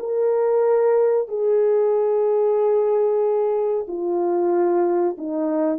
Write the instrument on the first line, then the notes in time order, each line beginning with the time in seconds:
horn
0.00 A#4
1.28 G#4
3.88 F4
5.18 D#4